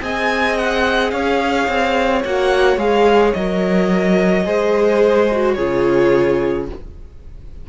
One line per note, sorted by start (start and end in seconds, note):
0.00 1.12 C4
0.00 2.22 G#4
0.00 1.13 D#5
0.00 0.57 G#5
0.57 1.10 F#5
1.10 1.67 C#4
1.10 4.46 C#5
1.10 2.22 F5
1.68 2.23 C4
2.24 2.76 A#3
2.24 2.78 F#4
2.24 2.78 F#5
2.76 3.32 G#3
2.76 3.34 G#4
2.76 3.33 F5
3.33 4.46 F#3
3.33 4.44 A#4
3.33 5.53 D#5
4.44 5.57 G#3
4.44 5.28 G#4
4.44 5.55 C5
5.31 5.58 F#4
5.53 6.69 C#3
5.53 6.69 F4
5.53 6.66 G#4
5.53 6.64 C#5